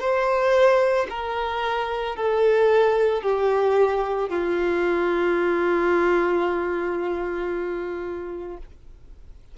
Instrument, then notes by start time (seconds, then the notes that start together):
violin
0.00 C5
1.10 A#4
2.16 A4
3.23 G4
4.29 F4